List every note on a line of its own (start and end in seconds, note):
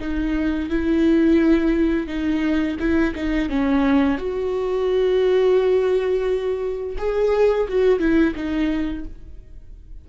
0.00 0.70 D#4
0.70 2.08 E4
2.08 2.77 D#4
2.80 3.15 E4
3.16 3.49 D#4
3.49 4.18 C#4
4.18 6.97 F#4
6.98 7.68 G#4
7.69 7.99 F#4
7.99 8.34 E4
8.36 9.05 D#4